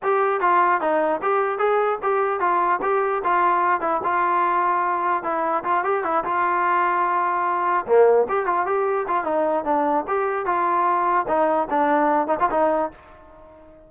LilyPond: \new Staff \with { instrumentName = "trombone" } { \time 4/4 \tempo 4 = 149 g'4 f'4 dis'4 g'4 | gis'4 g'4 f'4 g'4 | f'4. e'8 f'2~ | f'4 e'4 f'8 g'8 e'8 f'8~ |
f'2.~ f'8 ais8~ | ais8 g'8 f'8 g'4 f'8 dis'4 | d'4 g'4 f'2 | dis'4 d'4. dis'16 f'16 dis'4 | }